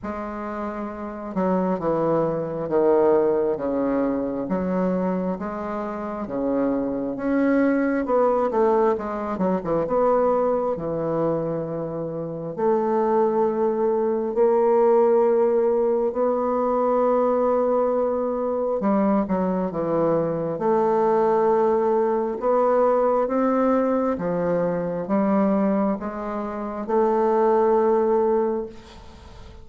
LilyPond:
\new Staff \with { instrumentName = "bassoon" } { \time 4/4 \tempo 4 = 67 gis4. fis8 e4 dis4 | cis4 fis4 gis4 cis4 | cis'4 b8 a8 gis8 fis16 e16 b4 | e2 a2 |
ais2 b2~ | b4 g8 fis8 e4 a4~ | a4 b4 c'4 f4 | g4 gis4 a2 | }